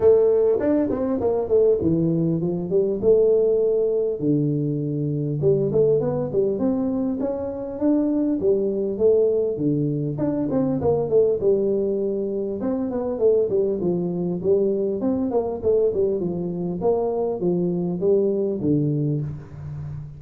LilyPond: \new Staff \with { instrumentName = "tuba" } { \time 4/4 \tempo 4 = 100 a4 d'8 c'8 ais8 a8 e4 | f8 g8 a2 d4~ | d4 g8 a8 b8 g8 c'4 | cis'4 d'4 g4 a4 |
d4 d'8 c'8 ais8 a8 g4~ | g4 c'8 b8 a8 g8 f4 | g4 c'8 ais8 a8 g8 f4 | ais4 f4 g4 d4 | }